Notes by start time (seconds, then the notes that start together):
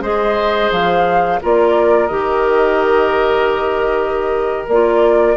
0.00 G#3 G#4 C5 D#5
0.71 F3 F5
1.42 A#3 F4 A#4 D5
2.07 D#3 G4 D#5
4.68 A#3 F4 D5